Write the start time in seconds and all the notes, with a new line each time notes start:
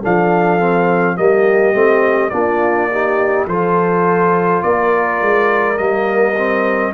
0.00 F3 D4 A4 F5
0.59 C4
1.16 G3 A#3 G4 D#5
1.73 A3 C4
2.30 A#3 D4 F4 D5
2.91 D#4 G4
3.47 F3 F4 A4 C5
4.62 A#3 A#4 D5
5.21 G#3
5.77 G3 A#3 D#5
6.36 C4